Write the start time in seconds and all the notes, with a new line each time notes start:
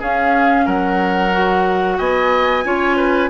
0.00 C#4 G#4 F5
0.66 F#3 A#4 F#5
1.33 F#4
1.98 B3 D#5 G#5
2.65 C#4 F4 C#5
2.97 B4